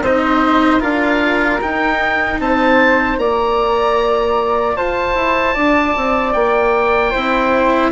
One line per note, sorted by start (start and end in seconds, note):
0.00 0.79 C4
0.00 0.81 C5
0.00 0.82 D#5
0.06 0.80 D#4
0.80 1.61 D4
0.80 1.59 F4
0.80 2.38 A#4
0.80 1.61 F5
1.62 3.19 D#4
1.62 2.40 D#4
1.62 2.40 G5
2.40 3.18 C4
2.40 3.20 C5
2.40 3.19 A5
3.18 4.76 A#3
3.18 7.14 F4
3.18 4.76 D5
3.18 4.77 A#5
4.76 5.15 F4
4.76 5.54 C5
4.76 6.33 A5
5.15 5.55 E4
5.54 5.96 D4
5.54 7.11 D5
5.96 6.35 C4
6.33 7.14 A#3
6.33 7.91 G5
7.11 7.91 C4
7.11 7.91 E4
7.11 7.90 C5